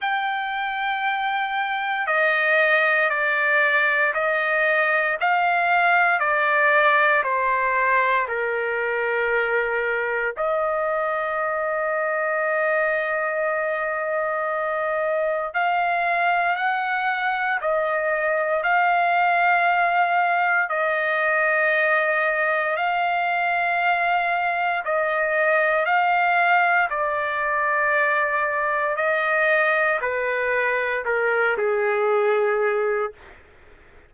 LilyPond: \new Staff \with { instrumentName = "trumpet" } { \time 4/4 \tempo 4 = 58 g''2 dis''4 d''4 | dis''4 f''4 d''4 c''4 | ais'2 dis''2~ | dis''2. f''4 |
fis''4 dis''4 f''2 | dis''2 f''2 | dis''4 f''4 d''2 | dis''4 b'4 ais'8 gis'4. | }